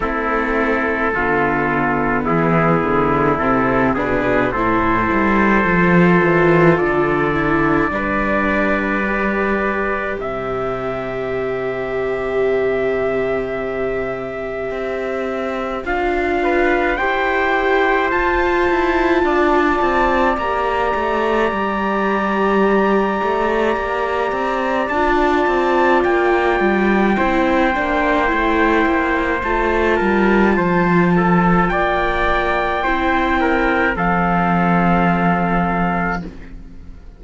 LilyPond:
<<
  \new Staff \with { instrumentName = "trumpet" } { \time 4/4 \tempo 4 = 53 a'2 gis'4 a'8 b'8 | c''2 d''2~ | d''4 e''2.~ | e''2 f''4 g''4 |
a''2 ais''2~ | ais''2 a''4 g''4~ | g''2 a''2 | g''2 f''2 | }
  \new Staff \with { instrumentName = "trumpet" } { \time 4/4 e'4 f'4 e'4. gis'8 | a'2. b'4~ | b'4 c''2.~ | c''2~ c''8 b'8 c''4~ |
c''4 d''2.~ | d''1 | c''2~ c''8 ais'8 c''8 a'8 | d''4 c''8 ais'8 a'2 | }
  \new Staff \with { instrumentName = "viola" } { \time 4/4 c'4 b2 c'8 d'8 | e'4 f'4. e'8 d'4 | g'1~ | g'2 f'4 g'4 |
f'2 g'2~ | g'2 f'2 | e'8 d'8 e'4 f'2~ | f'4 e'4 c'2 | }
  \new Staff \with { instrumentName = "cello" } { \time 4/4 a4 d4 e8 d8 c8 b,8 | a,8 g8 f8 e8 d4 g4~ | g4 c2.~ | c4 c'4 d'4 e'4 |
f'8 e'8 d'8 c'8 ais8 a8 g4~ | g8 a8 ais8 c'8 d'8 c'8 ais8 g8 | c'8 ais8 a8 ais8 a8 g8 f4 | ais4 c'4 f2 | }
>>